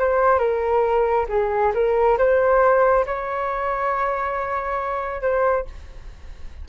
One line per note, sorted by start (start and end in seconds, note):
0.00 0.39 C5
0.39 1.26 A#4
1.29 1.73 G#4
1.74 2.18 A#4
2.18 3.05 C5
3.06 5.22 C#5
5.22 5.65 C5